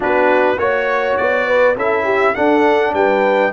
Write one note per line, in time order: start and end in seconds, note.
0.00 0.57 B3
0.00 0.56 D4
0.00 0.59 F#4
0.00 0.58 B4
0.57 1.16 A#3
0.57 1.75 F#4
0.57 1.16 C#5
0.57 1.46 C#5
1.16 1.76 B3
1.16 1.75 D5
1.46 1.76 B4
1.76 2.34 C#4
1.76 2.35 E4
1.76 2.04 A4
1.76 2.34 E5
2.04 2.33 G4
2.34 3.52 D4
2.34 2.93 D4
2.34 2.93 A4
2.34 2.93 F#5
2.93 3.52 G3
2.93 3.52 B4
2.93 3.52 G5